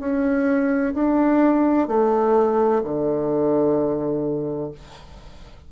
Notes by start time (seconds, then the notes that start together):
0.00 C#4
0.95 D4
1.88 A3
2.84 D3